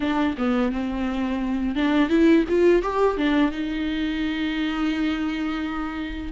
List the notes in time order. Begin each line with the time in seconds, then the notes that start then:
0.00 D4
0.37 B3
0.72 C4
1.75 D4
2.09 E4
2.48 F4
2.82 G4
3.17 D4
3.51 D#4